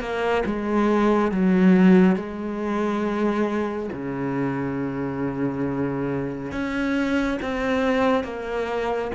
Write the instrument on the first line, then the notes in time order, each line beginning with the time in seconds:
cello
0.00 A#3
0.46 G#3
1.31 F#3
2.16 G#3
3.92 C#3
6.51 C#4
7.42 C4
8.24 A#3